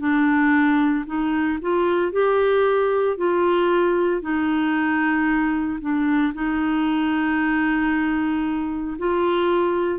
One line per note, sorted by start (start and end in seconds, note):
0.00 1.05 D4
1.06 1.59 D#4
1.62 2.12 F4
2.12 3.17 G4
3.17 4.22 F4
4.22 5.79 D#4
5.81 6.33 D4
6.34 8.97 D#4
8.99 10.00 F4